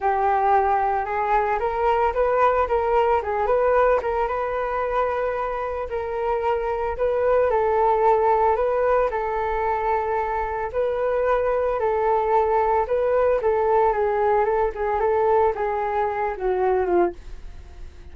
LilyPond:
\new Staff \with { instrumentName = "flute" } { \time 4/4 \tempo 4 = 112 g'2 gis'4 ais'4 | b'4 ais'4 gis'8 b'4 ais'8 | b'2. ais'4~ | ais'4 b'4 a'2 |
b'4 a'2. | b'2 a'2 | b'4 a'4 gis'4 a'8 gis'8 | a'4 gis'4. fis'4 f'8 | }